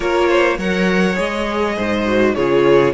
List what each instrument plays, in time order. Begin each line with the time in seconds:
0.00 cello A#3, viola F4, violin A#4 C#5
0.28 violin C5
0.58 cello F#3, viola A#4, violin C#5 F#5
1.14 cello G#3, viola G#4, violin D#5
1.76 cello G#2, violin C5
2.05 viola F#4
2.34 cello C#3, viola F4, violin G#4 C#5